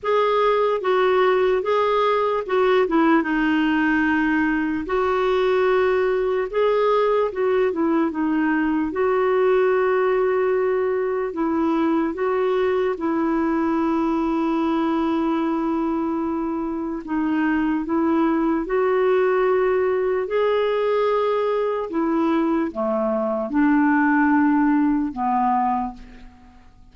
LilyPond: \new Staff \with { instrumentName = "clarinet" } { \time 4/4 \tempo 4 = 74 gis'4 fis'4 gis'4 fis'8 e'8 | dis'2 fis'2 | gis'4 fis'8 e'8 dis'4 fis'4~ | fis'2 e'4 fis'4 |
e'1~ | e'4 dis'4 e'4 fis'4~ | fis'4 gis'2 e'4 | a4 d'2 b4 | }